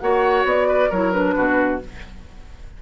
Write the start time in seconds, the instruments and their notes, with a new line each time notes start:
0.00 bassoon A#3, clarinet F#4, oboe C#5, flute F#5
0.45 bassoon B3, flute D5
0.68 oboe B4
0.90 bassoon F#3, clarinet E4, oboe A#4, flute C#5
1.12 clarinet D4, flute B4
1.36 bassoon B2, oboe F#4